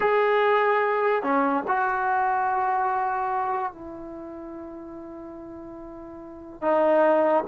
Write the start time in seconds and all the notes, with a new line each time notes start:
0.00 G#4
1.22 C#4
1.67 F#4
3.72 E4
6.61 D#4